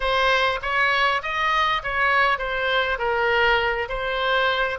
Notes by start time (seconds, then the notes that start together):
0.00 C5
0.62 C#5
1.22 D#5
1.83 C#5
2.38 C5
2.98 A#4
3.88 C5